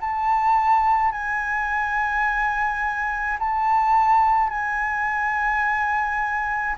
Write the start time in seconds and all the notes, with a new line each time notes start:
0.00 A5
1.12 G#5
3.39 A5
4.49 G#5